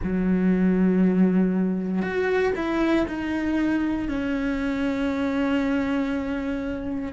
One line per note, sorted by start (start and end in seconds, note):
0.03 2.02 F#3
2.02 2.52 F#4
2.55 3.06 E4
3.07 4.08 D#4
4.08 7.12 C#4